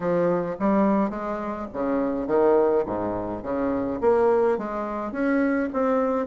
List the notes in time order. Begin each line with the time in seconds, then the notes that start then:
0.00 F3
0.59 G3
1.09 G#3
1.73 C#3
2.27 D#3
2.85 G#2
3.42 C#3
4.01 A#3
4.57 G#3
5.11 C#4
5.73 C4